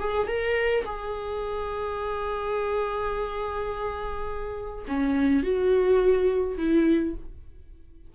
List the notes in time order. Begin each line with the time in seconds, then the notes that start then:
0.00 G#4
0.28 A#4
0.85 G#4
4.88 C#4
5.43 F#4
6.57 E4